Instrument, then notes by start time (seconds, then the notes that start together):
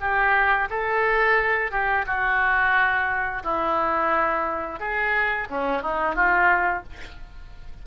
oboe
0.00 G4
0.70 A4
1.71 G4
2.06 F#4
3.43 E4
4.79 G#4
5.50 C#4
5.82 D#4
6.15 F4